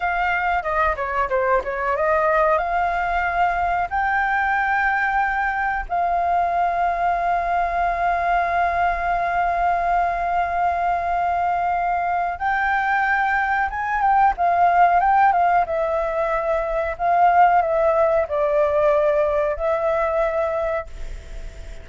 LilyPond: \new Staff \with { instrumentName = "flute" } { \time 4/4 \tempo 4 = 92 f''4 dis''8 cis''8 c''8 cis''8 dis''4 | f''2 g''2~ | g''4 f''2.~ | f''1~ |
f''2. g''4~ | g''4 gis''8 g''8 f''4 g''8 f''8 | e''2 f''4 e''4 | d''2 e''2 | }